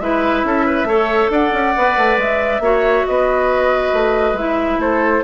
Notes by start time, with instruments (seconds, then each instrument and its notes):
0.00 bassoon G#3, clarinet E4, oboe B4, flute E5
0.44 bassoon C#4, oboe A4
0.66 oboe B4
0.84 bassoon A3, clarinet A4, oboe C#5
1.31 bassoon D4, oboe D5, flute F#5
1.53 bassoon C#4
1.76 bassoon B3, clarinet B4
1.97 bassoon A3
2.17 bassoon G#3, flute E5
2.60 bassoon A#3, clarinet F#4, oboe C#5
3.06 bassoon B3, oboe B4, flute D#5
3.93 bassoon A3
4.33 bassoon G#3, clarinet E4, flute E5
4.79 bassoon A3, oboe A4, flute C5